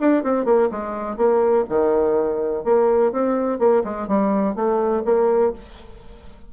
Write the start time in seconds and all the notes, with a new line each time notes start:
0.00 D4
0.23 C4
0.45 A#3
0.71 G#3
1.17 A#3
1.69 D#3
2.64 A#3
3.12 C4
3.59 A#3
3.84 G#3
4.08 G3
4.55 A3
5.05 A#3